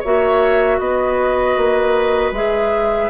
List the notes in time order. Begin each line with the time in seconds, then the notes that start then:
0.00 A#3 F#4 C#5 E5
0.79 B3 B4 D#5
1.58 A#3
2.32 G#3 G#4 E5